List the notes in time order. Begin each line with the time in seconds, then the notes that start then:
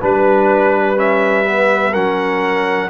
0.00 G3 D4 B4
0.96 C#4 E5
1.45 B3
1.92 F#3 C#4 A#4 F#5